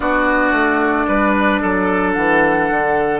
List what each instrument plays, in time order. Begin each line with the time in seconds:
0.00 bassoon B3, clarinet D4, oboe F#4, flute D5
0.52 bassoon A3
1.07 bassoon G3, oboe B4
1.61 bassoon F#3, oboe A4
2.12 bassoon E3, flute F#5
2.69 bassoon D3